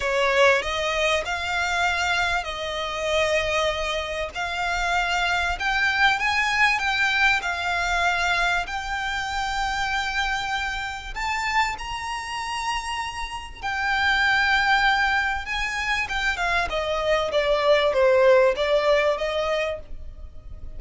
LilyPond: \new Staff \with { instrumentName = "violin" } { \time 4/4 \tempo 4 = 97 cis''4 dis''4 f''2 | dis''2. f''4~ | f''4 g''4 gis''4 g''4 | f''2 g''2~ |
g''2 a''4 ais''4~ | ais''2 g''2~ | g''4 gis''4 g''8 f''8 dis''4 | d''4 c''4 d''4 dis''4 | }